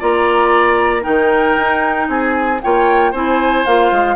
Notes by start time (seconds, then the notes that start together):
0.00 A#3 F4 D5 A#5
1.02 D#3 D#4 A#4 G5
1.57 D#4
2.09 C4 G#4 G#5
2.62 A#3 F4 C#5 G5
3.12 C4 E4 C5 G#5
3.66 A#3 F4 F5
3.92 G#3